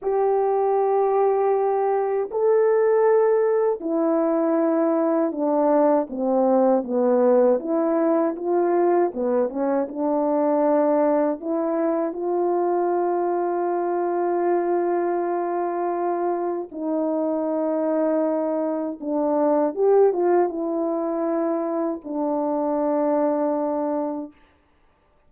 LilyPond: \new Staff \with { instrumentName = "horn" } { \time 4/4 \tempo 4 = 79 g'2. a'4~ | a'4 e'2 d'4 | c'4 b4 e'4 f'4 | b8 cis'8 d'2 e'4 |
f'1~ | f'2 dis'2~ | dis'4 d'4 g'8 f'8 e'4~ | e'4 d'2. | }